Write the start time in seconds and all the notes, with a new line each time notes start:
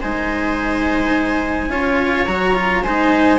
0.00 G#3 D#4 C5 G#5
1.68 C#4 F4 C#5
2.25 F#3 F#4 A#5
2.54 F4
2.82 G#3 D#4 C5 G#5